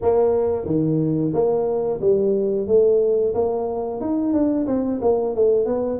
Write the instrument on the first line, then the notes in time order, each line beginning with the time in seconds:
tuba
0.01 A#3
0.65 D#3
1.33 A#3
2.00 G3
2.67 A3
3.34 A#3
4.01 D#4
4.33 D4
4.67 C4
5.02 A#3
5.35 A3
5.65 B3